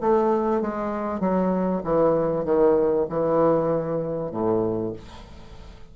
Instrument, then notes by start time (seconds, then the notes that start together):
bassoon
0.00 A3
0.61 G#3
1.20 F#3
1.83 E3
2.44 D#3
3.09 E3
4.31 A2